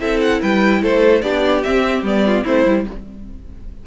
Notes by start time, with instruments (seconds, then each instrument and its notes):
0.00 cello C4, viola E4, violin A4 E5
0.21 violin F#5
0.41 cello G3, violin B4 G5
0.83 cello A3, violin A4 C5
1.22 cello B3, viola D4, violin G4 D5
1.63 viola C4, cello C4, violin E5
2.03 cello G3, viola B3, violin D5
2.26 violin F4
2.44 cello A3, viola C4, violin E4 C5
2.66 cello G3, viola E4